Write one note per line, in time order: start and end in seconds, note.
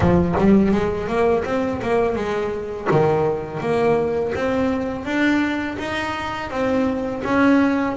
0.00 0.35 F3
0.38 0.71 G3
0.71 1.07 G#3
1.07 1.43 A#3
1.44 1.80 C4
1.82 2.15 A#3
2.15 2.88 G#3
2.91 3.60 D#3
3.60 4.32 A#3
4.35 5.05 C4
5.05 5.77 D4
5.78 6.50 D#4
6.50 7.22 C4
7.24 7.96 C#4